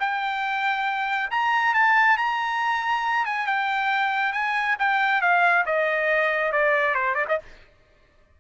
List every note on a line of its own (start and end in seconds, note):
0.00 1.30 G5
1.31 1.74 A#5
1.75 2.18 A5
2.18 3.25 A#5
3.25 3.47 G#5
3.47 4.33 G5
4.33 4.76 G#5
4.79 5.22 G5
5.22 5.65 F5
5.66 6.52 D#5
6.52 6.95 D5
6.95 7.15 C5
7.15 7.25 D5
7.28 7.39 D#5